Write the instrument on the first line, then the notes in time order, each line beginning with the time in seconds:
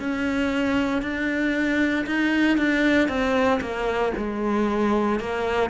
cello
0.00 C#4
1.02 D4
2.06 D#4
2.58 D4
3.08 C4
3.61 A#3
4.18 G#3
5.20 A#3